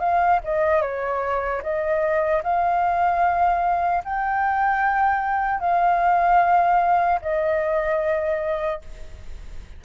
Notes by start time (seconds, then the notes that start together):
0.00 F5
0.44 D#5
0.81 C#5
1.63 D#5
2.43 F5
4.05 G5
5.60 F5
7.22 D#5